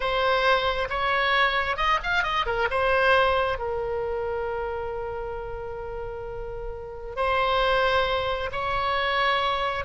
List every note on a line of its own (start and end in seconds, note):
0.00 0.88 C5
0.89 1.76 C#5
1.76 1.99 D#5
2.03 2.23 F5
2.23 2.45 D#5
2.45 2.68 A#4
2.70 3.58 C5
3.58 7.16 A#4
7.16 8.50 C5
8.52 9.84 C#5